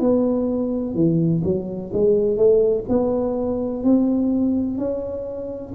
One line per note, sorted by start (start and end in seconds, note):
0.00 0.94 B3
0.94 1.42 E3
1.44 1.91 F#3
1.93 2.37 G#3
2.37 2.84 A3
2.88 3.83 B3
3.83 4.77 C4
4.77 5.73 C#4